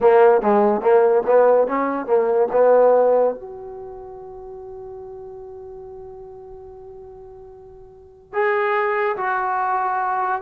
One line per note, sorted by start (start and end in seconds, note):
0.00 0.41 A#3
0.41 0.81 G#3
0.81 1.22 A#3
1.26 1.67 B3
1.67 2.06 C#4
2.06 2.48 A#3
2.52 3.34 B3
3.34 8.33 F#4
8.33 9.16 G#4
9.16 10.41 F#4